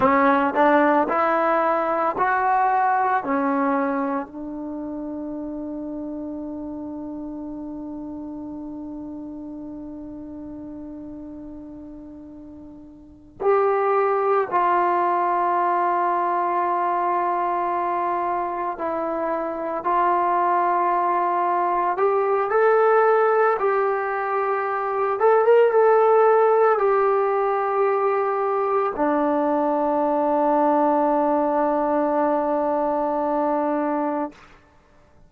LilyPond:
\new Staff \with { instrumentName = "trombone" } { \time 4/4 \tempo 4 = 56 cis'8 d'8 e'4 fis'4 cis'4 | d'1~ | d'1~ | d'8 g'4 f'2~ f'8~ |
f'4. e'4 f'4.~ | f'8 g'8 a'4 g'4. a'16 ais'16 | a'4 g'2 d'4~ | d'1 | }